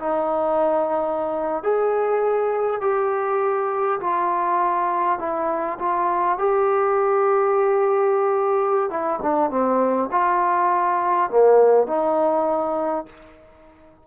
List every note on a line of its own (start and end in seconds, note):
0.00 1.63 D#4
1.64 2.82 G#4
2.82 4.00 G4
4.01 5.20 F4
5.20 5.79 E4
5.80 6.39 F4
6.39 8.91 G4
8.91 9.21 E4
9.23 9.50 D4
9.50 10.10 C4
10.12 11.31 F4
11.31 11.88 A#3
11.88 13.06 D#4